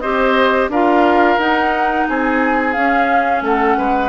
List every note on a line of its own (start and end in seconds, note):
0.00 0.69 C4
0.00 0.71 G4
0.00 0.70 C5
0.00 0.68 D#5
0.69 1.37 D4
0.69 1.39 F4
0.69 2.07 A#4
0.69 1.39 F5
1.37 2.05 D#4
1.37 2.75 D#4
1.37 2.07 F#5
2.09 2.76 C4
2.09 3.44 G#4
2.09 2.73 G#5
2.73 3.41 C#4
2.73 4.09 C#4
2.73 3.41 F5
3.41 3.76 A3
3.41 3.77 A4
3.41 4.09 F#5
3.77 4.09 G#3
3.77 4.09 B4